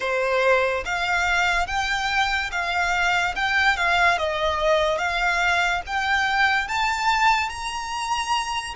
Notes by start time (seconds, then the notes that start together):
0.00 C5
0.85 F5
1.67 G5
2.51 F5
3.35 G5
3.77 F5
4.18 D#5
4.98 F5
5.86 G5
6.68 A5
7.49 A#5